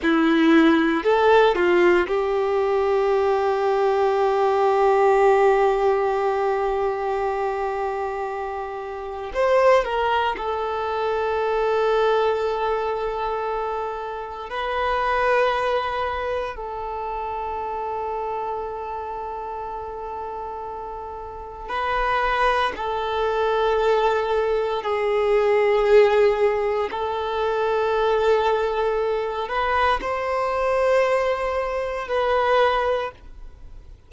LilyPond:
\new Staff \with { instrumentName = "violin" } { \time 4/4 \tempo 4 = 58 e'4 a'8 f'8 g'2~ | g'1~ | g'4 c''8 ais'8 a'2~ | a'2 b'2 |
a'1~ | a'4 b'4 a'2 | gis'2 a'2~ | a'8 b'8 c''2 b'4 | }